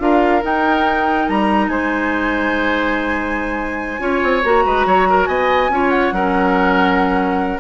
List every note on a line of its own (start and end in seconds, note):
0.00 0.43 D4
0.00 0.42 F4
0.00 1.71 A#4
0.00 0.43 F5
0.42 4.00 D#4
0.42 1.29 D#4
0.42 1.29 G5
1.29 1.68 G3
1.29 1.69 A#5
1.68 4.00 G#3
1.68 4.02 C5
1.68 4.43 G#5
4.00 4.21 C#4
4.00 4.42 F4
4.00 4.65 C#5
4.24 4.45 C4
4.44 4.66 A#3
4.44 5.71 F#4
4.44 5.27 A#5
4.66 4.86 G#3
4.66 4.87 B4
4.86 5.28 F#3
4.86 5.08 C#5
5.10 5.29 A#4
5.27 5.69 B3
5.27 5.71 D#5
5.27 5.90 G#5
5.69 6.12 C#4
5.69 6.14 F4
5.69 6.15 C#5
5.90 7.59 F#5
6.12 7.60 F#3
6.12 7.60 C#4
6.12 7.60 A#4